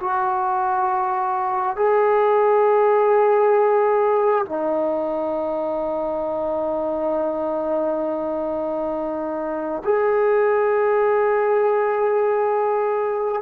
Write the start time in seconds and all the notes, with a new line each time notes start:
0.00 F#4
1.76 G#4
4.45 D#4
9.84 G#4